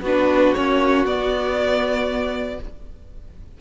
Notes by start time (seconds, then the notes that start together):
0.00 B3 D4 F#4 B4
0.54 A#3 C#4 C#5
1.05 B3 D5